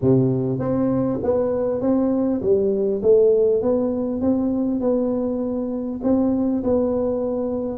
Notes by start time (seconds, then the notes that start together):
0.01 C3
0.59 C4
1.23 B3
1.81 C4
2.41 G3
3.02 A3
3.62 B3
4.21 C4
4.80 B3
6.03 C4
6.63 B3